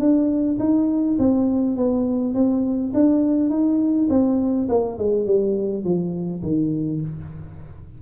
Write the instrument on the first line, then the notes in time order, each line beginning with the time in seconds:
tuba
0.00 D4
0.60 D#4
1.19 C4
1.77 B3
2.34 C4
2.94 D4
3.50 D#4
4.10 C4
4.69 A#3
4.98 G#3
5.26 G3
5.84 F3
6.43 D#3